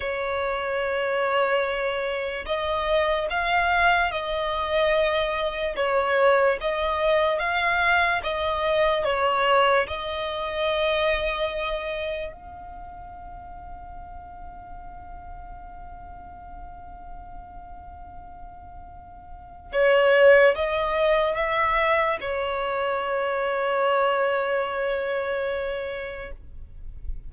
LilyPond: \new Staff \with { instrumentName = "violin" } { \time 4/4 \tempo 4 = 73 cis''2. dis''4 | f''4 dis''2 cis''4 | dis''4 f''4 dis''4 cis''4 | dis''2. f''4~ |
f''1~ | f''1 | cis''4 dis''4 e''4 cis''4~ | cis''1 | }